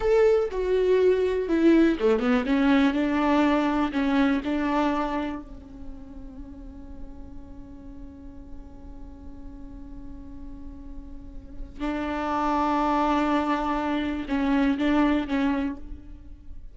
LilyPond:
\new Staff \with { instrumentName = "viola" } { \time 4/4 \tempo 4 = 122 a'4 fis'2 e'4 | a8 b8 cis'4 d'2 | cis'4 d'2 cis'4~ | cis'1~ |
cis'1~ | cis'1 | d'1~ | d'4 cis'4 d'4 cis'4 | }